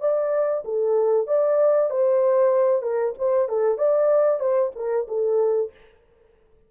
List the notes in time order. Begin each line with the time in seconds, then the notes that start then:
0.00 D5
0.65 A4
1.27 D5
1.90 C5
2.82 A#4
3.18 C5
3.49 A4
3.78 D5
4.39 C5
4.75 A#4
5.07 A4